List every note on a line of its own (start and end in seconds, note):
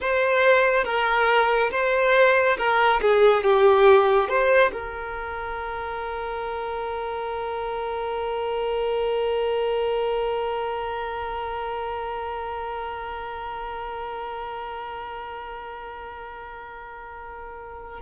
0.00 0.84 C5
0.84 1.70 A#4
1.71 2.57 C5
2.57 3.00 A#4
3.01 3.43 G#4
3.43 4.29 G4
4.29 4.71 C5
4.72 18.01 A#4